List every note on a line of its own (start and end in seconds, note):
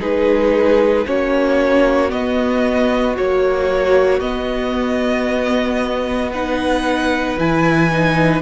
0.00 1.07 G#3
0.00 1.05 D#4
0.00 1.06 G#4
0.00 1.07 B4
1.07 2.13 A#3
1.07 2.09 C#4
1.07 6.32 F#4
1.07 2.11 C#5
2.09 3.14 B3
2.09 3.18 B3
2.09 3.16 D#5
3.16 4.21 F#3
3.16 4.21 A#3
3.16 4.21 C#5
4.21 7.37 B3
4.21 6.33 B3
4.21 6.31 D#5
6.32 7.39 D#4
6.32 8.43 B4
6.32 7.39 F#5
7.39 8.43 E3
7.39 7.91 E4
7.39 8.43 G#5
7.91 8.43 D#4